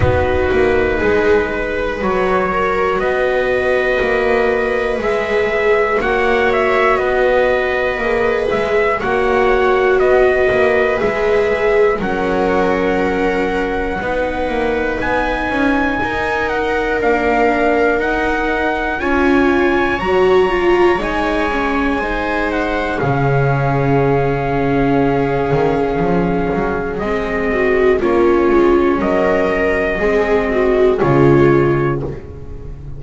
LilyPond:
<<
  \new Staff \with { instrumentName = "trumpet" } { \time 4/4 \tempo 4 = 60 b'2 cis''4 dis''4~ | dis''4 e''4 fis''8 e''8 dis''4~ | dis''8 e''8 fis''4 dis''4 e''4 | fis''2. gis''4~ |
gis''8 fis''8 f''4 fis''4 gis''4 | ais''4 gis''4. fis''8 f''4~ | f''2. dis''4 | cis''4 dis''2 cis''4 | }
  \new Staff \with { instrumentName = "viola" } { \time 4/4 fis'4 gis'8 b'4 ais'8 b'4~ | b'2 cis''4 b'4~ | b'4 cis''4 b'2 | ais'2 b'2 |
ais'2. cis''4~ | cis''2 c''4 gis'4~ | gis'2.~ gis'8 fis'8 | f'4 ais'4 gis'8 fis'8 f'4 | }
  \new Staff \with { instrumentName = "viola" } { \time 4/4 dis'2 fis'2~ | fis'4 gis'4 fis'2 | gis'4 fis'2 gis'4 | cis'2 dis'2~ |
dis'4 d'4 dis'4 f'4 | fis'8 f'8 dis'8 cis'8 dis'4 cis'4~ | cis'2. c'4 | cis'2 c'4 gis4 | }
  \new Staff \with { instrumentName = "double bass" } { \time 4/4 b8 ais8 gis4 fis4 b4 | ais4 gis4 ais4 b4 | ais8 gis8 ais4 b8 ais8 gis4 | fis2 b8 ais8 b8 cis'8 |
dis'4 ais4 dis'4 cis'4 | fis4 gis2 cis4~ | cis4. dis8 f8 fis8 gis4 | ais8 gis8 fis4 gis4 cis4 | }
>>